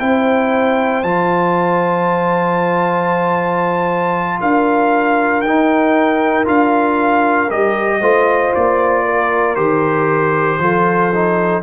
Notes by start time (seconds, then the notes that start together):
0.00 C4 E4 C5 G5
1.03 F3 F4 A5
4.41 D4 A#4 F5
5.41 D#4 G5
6.45 D4 F4 F5
7.50 G3 G4 D#5
8.01 A3 F4 C5
8.55 A#3 D5
9.06 A#4
9.56 D#3 G4 C5
10.60 F3 F4 A4
11.15 D#4